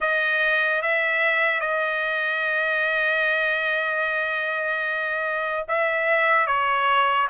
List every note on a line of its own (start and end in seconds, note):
0.00 0.81 D#5
0.81 1.60 E5
1.60 5.65 D#5
5.68 6.46 E5
6.46 7.28 C#5